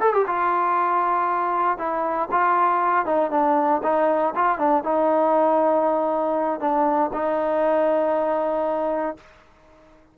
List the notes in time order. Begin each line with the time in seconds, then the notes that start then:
0.00 A4
0.13 G4
0.27 F4
1.78 E4
2.31 F4
3.06 D#4
3.31 D4
3.83 D#4
4.35 F4
4.58 D4
4.83 D#4
6.60 D4
7.13 D#4